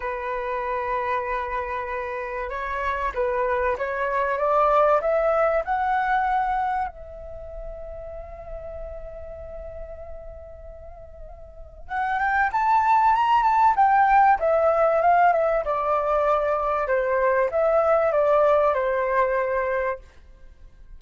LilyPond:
\new Staff \with { instrumentName = "flute" } { \time 4/4 \tempo 4 = 96 b'1 | cis''4 b'4 cis''4 d''4 | e''4 fis''2 e''4~ | e''1~ |
e''2. fis''8 g''8 | a''4 ais''8 a''8 g''4 e''4 | f''8 e''8 d''2 c''4 | e''4 d''4 c''2 | }